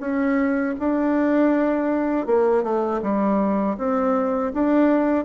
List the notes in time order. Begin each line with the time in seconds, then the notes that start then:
0.00 C#4
0.79 D4
2.27 A#3
2.64 A3
3.02 G3
3.78 C4
4.54 D4